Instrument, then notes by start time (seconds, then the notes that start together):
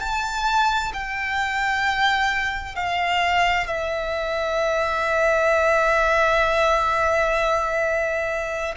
violin
0.00 A5
0.94 G5
2.76 F5
3.67 E5